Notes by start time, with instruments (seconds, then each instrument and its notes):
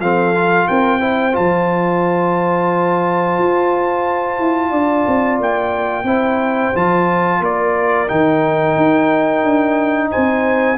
0.00 tuba F3, trombone C4, horn A4, trumpet F5
0.35 trombone F4
0.68 tuba C4, horn A#4, trumpet G5
1.00 trombone E4, horn C5
1.32 tuba F3, trombone F4, trumpet A5
3.38 tuba F4
4.39 tuba E4
4.70 tuba D4, horn D5
5.07 tuba C4
5.39 tuba A#3, trumpet G5
6.04 tuba C4, trombone E4, horn C5
6.75 tuba F3, trombone F4, trumpet A5
7.40 tuba A#3, horn A#4, trumpet D5
8.08 tuba D#3, trombone D#4, trumpet G5
8.76 tuba D#4
9.44 tuba D4
10.11 tuba C4, horn C5, trumpet G#5